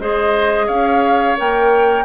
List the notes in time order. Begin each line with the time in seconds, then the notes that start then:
0.00 G#3 G#4 C5 D#5
0.67 C#4 C#5 F5
1.37 A#3 A#4 G5